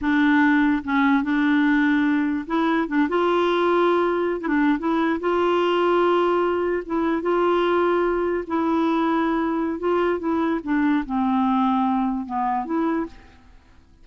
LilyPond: \new Staff \with { instrumentName = "clarinet" } { \time 4/4 \tempo 4 = 147 d'2 cis'4 d'4~ | d'2 e'4 d'8 f'8~ | f'2~ f'8. e'16 d'8. e'16~ | e'8. f'2.~ f'16~ |
f'8. e'4 f'2~ f'16~ | f'8. e'2.~ e'16 | f'4 e'4 d'4 c'4~ | c'2 b4 e'4 | }